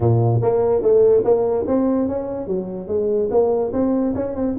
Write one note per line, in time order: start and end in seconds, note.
0.00 0.41 A#2
0.41 0.82 A#3
0.82 1.23 A3
1.24 1.65 A#3
1.67 2.08 C4
2.08 2.46 C#4
2.46 2.87 F#3
2.87 3.29 G#3
3.30 3.72 A#3
3.72 4.14 C4
4.15 4.35 C#4
4.35 4.56 C4